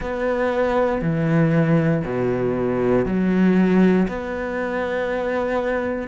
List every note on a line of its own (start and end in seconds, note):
0.00 1.01 B3
1.01 2.03 E3
2.04 3.05 B2
3.05 4.07 F#3
4.08 6.07 B3